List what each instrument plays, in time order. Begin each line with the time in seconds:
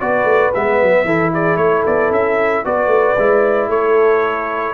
0.00 tuba B3, trombone F#4, horn B4, trumpet D5
0.24 tuba A3
0.54 tuba G#3, trombone B3, trumpet E5
0.82 tuba F#3
1.04 tuba E3, trombone E4, horn A4
1.33 horn G#4, trumpet D5
1.57 tuba A3, horn A4, trumpet C#5
1.86 tuba B3, trumpet D5
2.11 tuba C#4, trumpet E5
2.64 tuba B3, trombone F#4, horn B4, trumpet D5
2.87 tuba A3
3.18 tuba G#3, trombone E4
3.68 tuba A3, horn A4, trumpet C#5